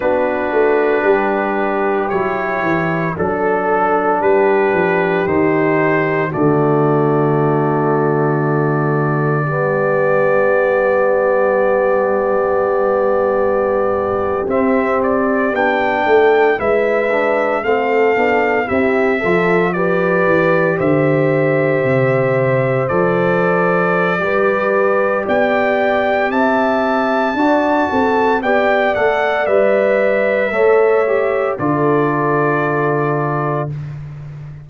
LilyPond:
<<
  \new Staff \with { instrumentName = "trumpet" } { \time 4/4 \tempo 4 = 57 b'2 cis''4 a'4 | b'4 c''4 d''2~ | d''1~ | d''4.~ d''16 e''8 d''8 g''4 e''16~ |
e''8. f''4 e''4 d''4 e''16~ | e''4.~ e''16 d''2~ d''16 | g''4 a''2 g''8 fis''8 | e''2 d''2 | }
  \new Staff \with { instrumentName = "horn" } { \time 4/4 fis'4 g'2 a'4 | g'2 fis'2~ | fis'4 g'2.~ | g'2.~ g'16 a'8 b'16~ |
b'8. a'4 g'8 a'8 b'4 c''16~ | c''2. b'4 | d''4 e''4 d''8 a'8 d''4~ | d''4 cis''4 a'2 | }
  \new Staff \with { instrumentName = "trombone" } { \time 4/4 d'2 e'4 d'4~ | d'4 dis'4 a2~ | a4 b2.~ | b4.~ b16 c'4 d'4 e'16~ |
e'16 d'8 c'8 d'8 e'8 f'8 g'4~ g'16~ | g'4.~ g'16 a'4~ a'16 g'4~ | g'2 fis'4 g'8 a'8 | b'4 a'8 g'8 f'2 | }
  \new Staff \with { instrumentName = "tuba" } { \time 4/4 b8 a8 g4 fis8 e8 fis4 | g8 f8 dis4 d2~ | d4 g2.~ | g4.~ g16 c'4 b8 a8 gis16~ |
gis8. a8 b8 c'8 f4 e8 d16~ | d8. c4 f4~ f16 g4 | b4 c'4 d'8 c'8 b8 a8 | g4 a4 d2 | }
>>